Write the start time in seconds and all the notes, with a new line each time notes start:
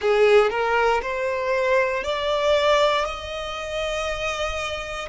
0.00 G#4
0.50 A#4
1.02 C5
2.03 D5
3.05 D#5